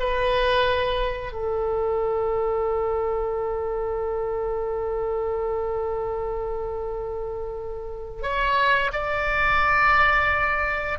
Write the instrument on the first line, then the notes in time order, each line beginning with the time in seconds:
oboe
0.00 B4
1.33 A4
8.23 C#5
8.93 D5